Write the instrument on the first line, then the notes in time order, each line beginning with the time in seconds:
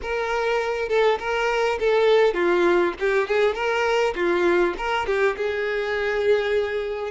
violin
0.02 A#4
0.88 A4
1.19 A#4
1.79 A4
2.34 F4
2.99 G4
3.27 G#4
3.54 A#4
4.15 F4
4.77 A#4
5.06 G4
5.36 G#4